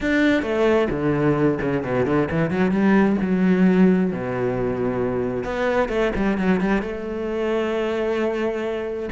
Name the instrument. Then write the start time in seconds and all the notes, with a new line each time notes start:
cello
0.00 D4
0.42 A3
0.90 D3
1.61 C#3
1.83 B2
2.05 D3
2.30 E3
2.50 F#3
2.71 G3
3.21 F#3
4.12 B2
5.44 B3
5.88 A3
6.15 G3
6.37 F#3
6.60 G3
6.82 A3